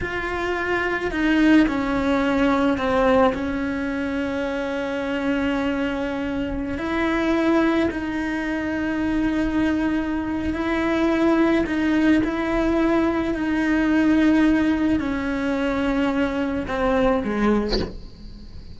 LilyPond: \new Staff \with { instrumentName = "cello" } { \time 4/4 \tempo 4 = 108 f'2 dis'4 cis'4~ | cis'4 c'4 cis'2~ | cis'1~ | cis'16 e'2 dis'4.~ dis'16~ |
dis'2. e'4~ | e'4 dis'4 e'2 | dis'2. cis'4~ | cis'2 c'4 gis4 | }